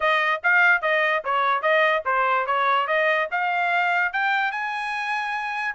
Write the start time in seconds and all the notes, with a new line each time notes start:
0.00 D#5
0.43 F5
0.81 D#5
1.24 C#5
1.61 D#5
2.05 C5
2.46 C#5
2.87 D#5
3.31 F5
4.12 G5
4.51 G#5